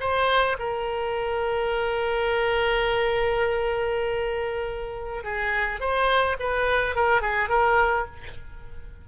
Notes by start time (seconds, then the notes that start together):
0.00 C5
0.59 A#4
5.24 G#4
5.80 C5
6.39 B4
6.95 A#4
7.21 G#4
7.49 A#4